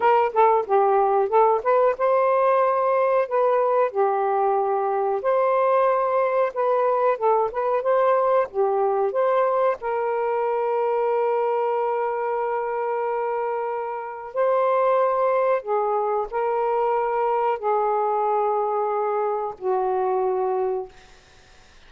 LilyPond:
\new Staff \with { instrumentName = "saxophone" } { \time 4/4 \tempo 4 = 92 ais'8 a'8 g'4 a'8 b'8 c''4~ | c''4 b'4 g'2 | c''2 b'4 a'8 b'8 | c''4 g'4 c''4 ais'4~ |
ais'1~ | ais'2 c''2 | gis'4 ais'2 gis'4~ | gis'2 fis'2 | }